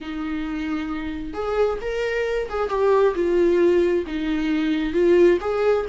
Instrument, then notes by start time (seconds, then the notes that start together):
viola
0.00 D#4
1.33 G#4
1.81 A#4
2.49 G#4
2.69 G4
3.14 F4
4.07 D#4
4.93 F4
5.41 G#4